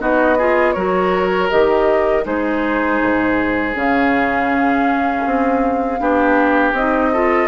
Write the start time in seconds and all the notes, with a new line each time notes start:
0.00 B3 D#4 F#4 D#5
0.38 F4 G#4
0.73 F#3 F#4 A#4 C#5
1.50 D#3 G4 D#5
2.24 G#3 D#4 G#4 C5
3.01 G#2
3.75 C#3 C#4 F5
5.26 C4
5.99 B3 D4 G4
6.73 C4 D#4 D#5
7.12 F4 A4